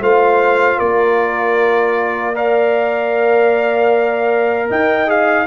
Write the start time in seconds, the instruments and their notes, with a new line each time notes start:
0.00 tuba A3, trombone F4, horn C5, trumpet F5
0.77 tuba A#3, horn A#4, trumpet D5
2.34 trombone A#4, horn D5, trumpet F5
4.69 tuba D#4, horn D#5, trumpet G5
5.06 trombone G#4, trumpet F5